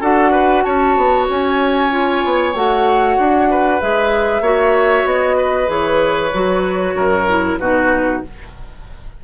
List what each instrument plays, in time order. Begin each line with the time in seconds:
0.00 bassoon D4, clarinet F#4, oboe A4, flute F#5
0.31 oboe B4
0.63 bassoon C#4, oboe C#5, flute A5
0.96 bassoon B3
1.29 bassoon C#4, flute G#5
1.90 clarinet F4
2.24 bassoon B3
2.54 bassoon A3, clarinet F#4, flute F#5
3.18 bassoon D4
3.50 oboe B4
3.80 bassoon G#3, clarinet G#4, flute E5
4.40 bassoon A#3, clarinet F#4, oboe C#5
5.04 bassoon B3, flute D#5
5.37 oboe B4
5.66 bassoon E3, clarinet G#4, flute C#5
6.33 bassoon F#3, clarinet F#4
6.94 bassoon F#2, oboe A#4
7.28 clarinet E4
7.58 bassoon B2, clarinet D#4, oboe F#4, flute B4